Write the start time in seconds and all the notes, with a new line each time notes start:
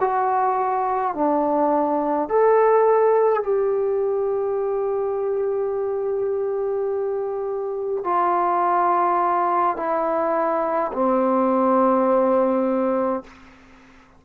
0.00 F#4
1.14 D4
2.29 A4
3.43 G4
8.04 F4
9.77 E4
10.93 C4